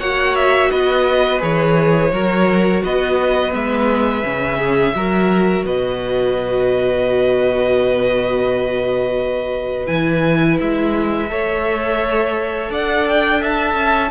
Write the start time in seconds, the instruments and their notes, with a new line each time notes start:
0.00 cello A#3, viola F#4, violin C#5 F#5
0.36 violin E5
0.71 cello B3, violin B4 D#5
1.40 cello E3, viola G#4, violin C#5
2.12 cello F#3, viola F#4, violin A#4
2.84 cello B3, violin B4 D#5
3.51 cello G#3, viola B3, violin E5
4.24 cello C#3, viola C#4
4.59 violin G#4
4.95 cello F#3, viola F#4, violin A#4
5.65 cello B2, violin B4 D#5
9.87 cello E3, viola E4, violin G#5
10.60 cello G#3, violin E5
11.29 cello A3, viola A4, violin C#5
12.70 cello D4, violin D5 F#5
13.09 violin G5
13.41 violin E5 A5
13.75 cello C#4